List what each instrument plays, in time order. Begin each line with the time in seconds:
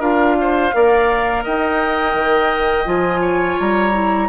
0.00 bassoon D4, clarinet F4, oboe A#4, flute F5
0.41 oboe C5
0.73 bassoon A#3, clarinet A#4, oboe D5
1.44 bassoon D#4, oboe D#5, flute G5
2.15 bassoon D#3
2.86 bassoon F3, clarinet F4, flute G#5
3.21 oboe C#5
3.60 bassoon G3, flute A#5
3.93 clarinet E4